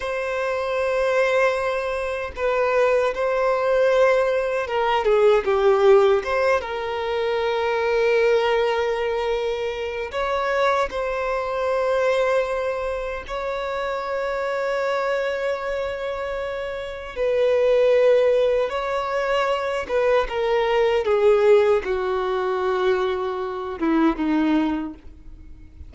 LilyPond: \new Staff \with { instrumentName = "violin" } { \time 4/4 \tempo 4 = 77 c''2. b'4 | c''2 ais'8 gis'8 g'4 | c''8 ais'2.~ ais'8~ | ais'4 cis''4 c''2~ |
c''4 cis''2.~ | cis''2 b'2 | cis''4. b'8 ais'4 gis'4 | fis'2~ fis'8 e'8 dis'4 | }